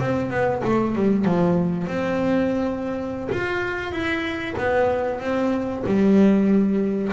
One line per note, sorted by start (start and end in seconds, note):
0.00 0.30 C4
0.30 0.62 B3
0.65 0.96 A3
0.96 1.25 G3
1.25 1.87 F3
1.87 3.30 C4
3.32 3.92 F4
3.92 4.55 E4
4.58 5.20 B3
5.20 5.84 C4
5.86 7.13 G3